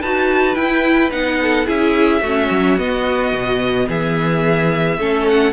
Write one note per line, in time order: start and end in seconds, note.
0.00 0.56 D#4
0.00 0.55 F#4
0.00 1.38 B4
0.00 0.55 A5
0.55 1.10 E4
0.55 1.11 E4
0.55 1.10 G5
1.11 1.66 B3
1.11 1.65 D#4
1.11 1.67 F#5
1.42 1.66 A4
1.65 2.21 C#4
1.65 2.21 E4
1.65 2.21 G#4
1.65 2.78 E5
2.21 2.48 A3
2.21 2.79 C#4
2.21 3.86 F#4
2.50 2.78 F#3
2.78 3.33 B3
2.78 4.99 B3
2.78 3.88 D#5
3.33 3.88 B2
3.88 4.98 E3
3.88 4.98 G#4
3.88 5.28 E5
4.98 5.52 A3
4.98 5.52 C#4
4.98 5.52 A4
5.28 5.52 F#5